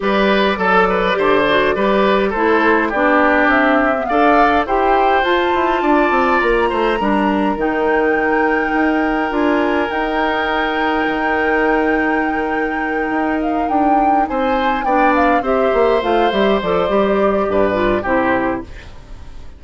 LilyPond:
<<
  \new Staff \with { instrumentName = "flute" } { \time 4/4 \tempo 4 = 103 d''1 | c''4 d''4 e''4 f''4 | g''4 a''2 ais''4~ | ais''4 g''2. |
gis''4 g''2.~ | g''2. f''8 g''8~ | g''8 gis''4 g''8 f''8 e''4 f''8 | e''8 d''2~ d''8 c''4 | }
  \new Staff \with { instrumentName = "oboe" } { \time 4/4 b'4 a'8 b'8 c''4 b'4 | a'4 g'2 d''4 | c''2 d''4. c''8 | ais'1~ |
ais'1~ | ais'1~ | ais'8 c''4 d''4 c''4.~ | c''2 b'4 g'4 | }
  \new Staff \with { instrumentName = "clarinet" } { \time 4/4 g'4 a'4 g'8 fis'8 g'4 | e'4 d'4.~ d'16 b16 a'4 | g'4 f'2. | d'4 dis'2. |
f'4 dis'2.~ | dis'1~ | dis'4. d'4 g'4 f'8 | g'8 a'8 g'4. f'8 e'4 | }
  \new Staff \with { instrumentName = "bassoon" } { \time 4/4 g4 fis4 d4 g4 | a4 b4 c'4 d'4 | e'4 f'8 e'8 d'8 c'8 ais8 a8 | g4 dis2 dis'4 |
d'4 dis'2 dis4~ | dis2~ dis8 dis'4 d'8~ | d'8 c'4 b4 c'8 ais8 a8 | g8 f8 g4 g,4 c4 | }
>>